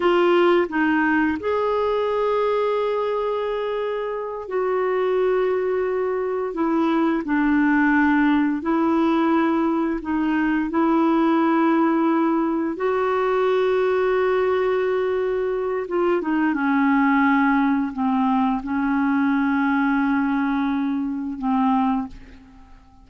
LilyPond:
\new Staff \with { instrumentName = "clarinet" } { \time 4/4 \tempo 4 = 87 f'4 dis'4 gis'2~ | gis'2~ gis'8 fis'4.~ | fis'4. e'4 d'4.~ | d'8 e'2 dis'4 e'8~ |
e'2~ e'8 fis'4.~ | fis'2. f'8 dis'8 | cis'2 c'4 cis'4~ | cis'2. c'4 | }